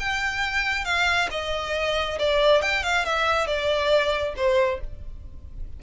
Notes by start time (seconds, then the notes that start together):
0.00 G5
0.85 F5
1.31 D#5
2.19 D5
2.62 G5
2.83 F5
3.06 E5
3.47 D5
4.37 C5